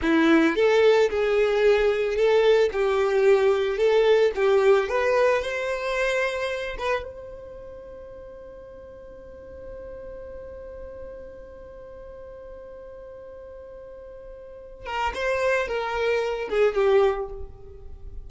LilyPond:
\new Staff \with { instrumentName = "violin" } { \time 4/4 \tempo 4 = 111 e'4 a'4 gis'2 | a'4 g'2 a'4 | g'4 b'4 c''2~ | c''8 b'8 c''2.~ |
c''1~ | c''1~ | c''2.~ c''8 ais'8 | c''4 ais'4. gis'8 g'4 | }